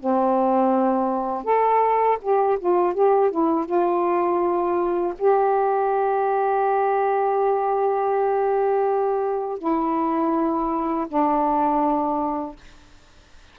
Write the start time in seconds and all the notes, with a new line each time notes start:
0.00 C4
1.44 A4
2.22 G4
2.60 F4
2.95 G4
3.31 E4
3.66 F4
5.19 G4
9.59 E4
11.08 D4